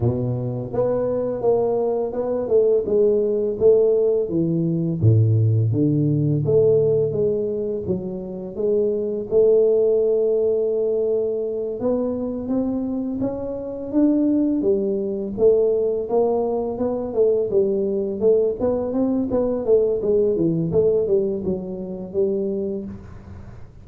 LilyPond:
\new Staff \with { instrumentName = "tuba" } { \time 4/4 \tempo 4 = 84 b,4 b4 ais4 b8 a8 | gis4 a4 e4 a,4 | d4 a4 gis4 fis4 | gis4 a2.~ |
a8 b4 c'4 cis'4 d'8~ | d'8 g4 a4 ais4 b8 | a8 g4 a8 b8 c'8 b8 a8 | gis8 e8 a8 g8 fis4 g4 | }